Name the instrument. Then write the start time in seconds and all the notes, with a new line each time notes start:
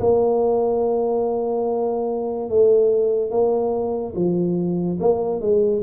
tuba
0.00 A#3
2.50 A3
3.31 A#3
4.16 F3
5.00 A#3
5.41 G#3